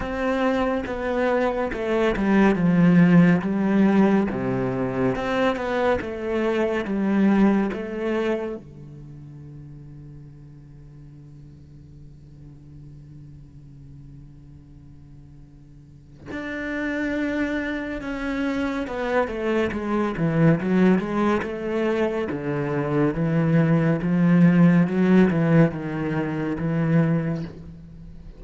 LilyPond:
\new Staff \with { instrumentName = "cello" } { \time 4/4 \tempo 4 = 70 c'4 b4 a8 g8 f4 | g4 c4 c'8 b8 a4 | g4 a4 d2~ | d1~ |
d2. d'4~ | d'4 cis'4 b8 a8 gis8 e8 | fis8 gis8 a4 d4 e4 | f4 fis8 e8 dis4 e4 | }